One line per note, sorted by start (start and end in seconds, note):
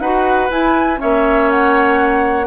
0.00 0.50 D#4
0.00 0.50 F#4
0.00 1.00 B4
0.00 0.50 F#5
0.50 0.97 E4
0.50 1.00 E4
0.50 1.00 G#5
0.97 2.47 A#3
0.97 2.45 C#4
0.97 2.47 C#5
0.97 1.50 E5
1.51 2.47 F#5